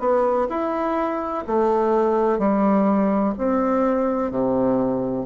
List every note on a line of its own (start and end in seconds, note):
0.00 0.48 B3
0.49 1.44 E4
1.47 2.39 A3
2.39 3.34 G3
3.38 4.31 C4
4.31 5.26 C3